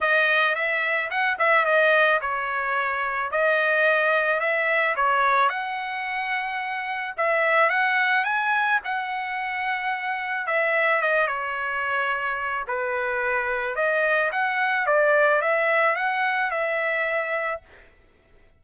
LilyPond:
\new Staff \with { instrumentName = "trumpet" } { \time 4/4 \tempo 4 = 109 dis''4 e''4 fis''8 e''8 dis''4 | cis''2 dis''2 | e''4 cis''4 fis''2~ | fis''4 e''4 fis''4 gis''4 |
fis''2. e''4 | dis''8 cis''2~ cis''8 b'4~ | b'4 dis''4 fis''4 d''4 | e''4 fis''4 e''2 | }